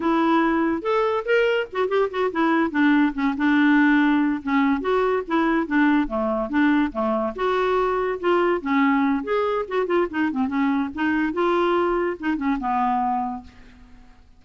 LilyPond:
\new Staff \with { instrumentName = "clarinet" } { \time 4/4 \tempo 4 = 143 e'2 a'4 ais'4 | fis'8 g'8 fis'8 e'4 d'4 cis'8 | d'2~ d'8 cis'4 fis'8~ | fis'8 e'4 d'4 a4 d'8~ |
d'8 a4 fis'2 f'8~ | f'8 cis'4. gis'4 fis'8 f'8 | dis'8 c'8 cis'4 dis'4 f'4~ | f'4 dis'8 cis'8 b2 | }